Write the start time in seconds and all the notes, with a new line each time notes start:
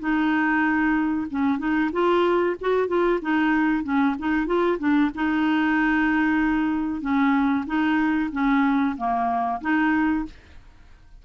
0.00 D#4
1.31 C#4
1.59 D#4
1.93 F4
2.61 F#4
2.88 F4
3.22 D#4
3.84 C#4
4.19 D#4
4.47 F4
4.79 D4
5.15 D#4
7.02 C#4
7.67 D#4
8.32 C#4
8.97 A#3
9.62 D#4